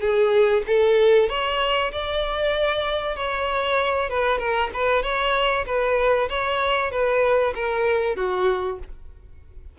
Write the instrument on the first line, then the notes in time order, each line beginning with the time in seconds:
violin
0.00 G#4
0.66 A4
1.29 C#5
1.91 D5
3.16 C#5
4.09 B4
4.38 A#4
4.74 B4
5.03 C#5
5.66 B4
6.29 C#5
6.91 B4
7.55 A#4
8.16 F#4